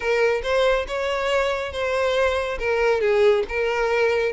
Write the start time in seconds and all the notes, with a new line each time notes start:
0.00 A#4
0.42 C5
0.87 C#5
1.72 C5
2.59 A#4
3.01 G#4
3.48 A#4